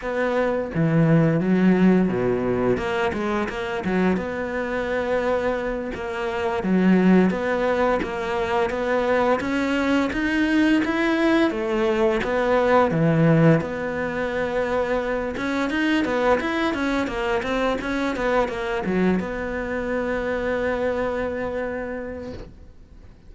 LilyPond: \new Staff \with { instrumentName = "cello" } { \time 4/4 \tempo 4 = 86 b4 e4 fis4 b,4 | ais8 gis8 ais8 fis8 b2~ | b8 ais4 fis4 b4 ais8~ | ais8 b4 cis'4 dis'4 e'8~ |
e'8 a4 b4 e4 b8~ | b2 cis'8 dis'8 b8 e'8 | cis'8 ais8 c'8 cis'8 b8 ais8 fis8 b8~ | b1 | }